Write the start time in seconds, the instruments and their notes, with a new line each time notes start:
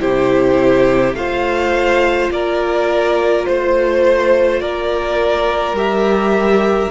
0.00 cello C3, viola E4, violin G4 C5
1.15 cello A3, viola F4, violin C5 F5
2.31 cello A#3, violin A#4 D5
3.46 cello A3, violin C5
4.61 cello A#3, violin A#4 D5
5.73 cello G3, viola G4, violin E5